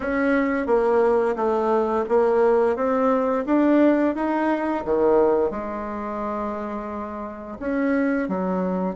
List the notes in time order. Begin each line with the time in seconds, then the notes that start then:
0.00 C#4
0.66 A#3
1.35 A3
2.08 A#3
2.76 C4
3.46 D4
4.15 D#4
4.84 D#3
5.50 G#3
7.59 C#4
8.28 F#3